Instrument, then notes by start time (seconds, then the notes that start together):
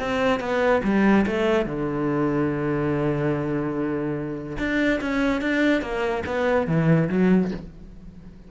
cello
0.00 C4
0.40 B3
0.84 G3
1.27 A3
1.66 D3
4.59 D4
5.01 C#4
5.41 D4
5.82 A#3
6.26 B3
6.67 E3
7.10 F#3